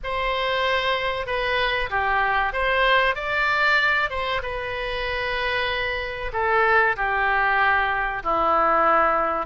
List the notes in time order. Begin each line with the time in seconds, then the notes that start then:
0.03 C5
1.26 B4
1.90 G4
2.53 C5
3.15 D5
4.10 C5
4.42 B4
6.32 A4
6.96 G4
8.23 E4